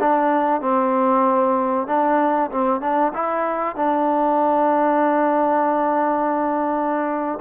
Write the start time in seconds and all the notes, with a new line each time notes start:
0.00 D4
0.61 C4
1.87 D4
2.51 C4
2.81 D4
3.14 E4
3.76 D4